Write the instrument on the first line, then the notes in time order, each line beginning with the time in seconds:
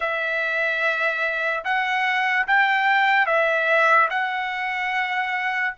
trumpet
0.00 E5
1.64 F#5
2.47 G5
3.26 E5
4.09 F#5